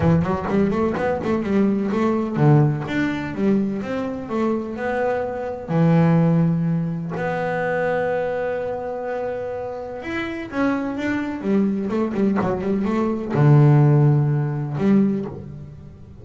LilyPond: \new Staff \with { instrumentName = "double bass" } { \time 4/4 \tempo 4 = 126 e8 fis8 g8 a8 b8 a8 g4 | a4 d4 d'4 g4 | c'4 a4 b2 | e2. b4~ |
b1~ | b4 e'4 cis'4 d'4 | g4 a8 g8 fis8 g8 a4 | d2. g4 | }